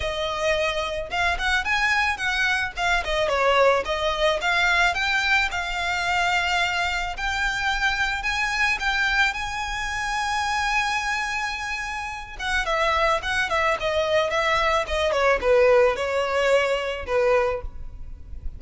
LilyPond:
\new Staff \with { instrumentName = "violin" } { \time 4/4 \tempo 4 = 109 dis''2 f''8 fis''8 gis''4 | fis''4 f''8 dis''8 cis''4 dis''4 | f''4 g''4 f''2~ | f''4 g''2 gis''4 |
g''4 gis''2.~ | gis''2~ gis''8 fis''8 e''4 | fis''8 e''8 dis''4 e''4 dis''8 cis''8 | b'4 cis''2 b'4 | }